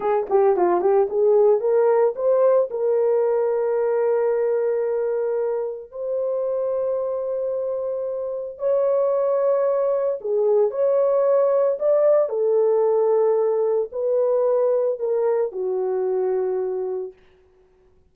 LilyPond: \new Staff \with { instrumentName = "horn" } { \time 4/4 \tempo 4 = 112 gis'8 g'8 f'8 g'8 gis'4 ais'4 | c''4 ais'2.~ | ais'2. c''4~ | c''1 |
cis''2. gis'4 | cis''2 d''4 a'4~ | a'2 b'2 | ais'4 fis'2. | }